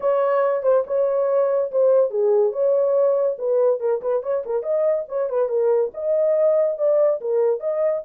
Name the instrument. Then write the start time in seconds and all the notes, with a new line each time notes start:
horn
0.00 C#5
0.63 C5
0.86 C#5
1.71 C5
2.10 G#4
2.52 C#5
3.38 B4
3.80 A#4
4.01 B4
4.22 C#5
4.45 A#4
4.62 D#5
5.08 C#5
5.29 B4
5.49 A#4
5.94 D#5
6.77 D5
7.20 A#4
7.60 D#5